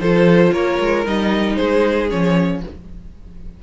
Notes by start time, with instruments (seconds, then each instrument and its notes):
0.00 cello F3, viola F4, violin A4 C5
0.53 cello A#3, violin A#4 C#5
0.80 cello G#3
1.06 cello G3, viola D#4, violin D#5
1.56 cello G#3, violin G#4 C5
2.10 cello F3, viola C#4, violin C#5